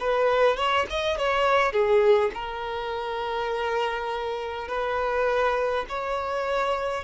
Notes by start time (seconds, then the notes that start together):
0.00 B4
0.57 C#5
0.90 D#5
1.18 C#5
1.73 G#4
2.34 A#4
4.68 B4
5.89 C#5